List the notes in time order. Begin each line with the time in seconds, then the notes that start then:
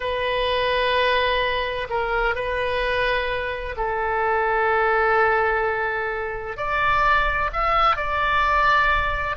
0.00 B4
1.89 A#4
2.35 B4
3.76 A4
6.56 D5
7.52 E5
7.96 D5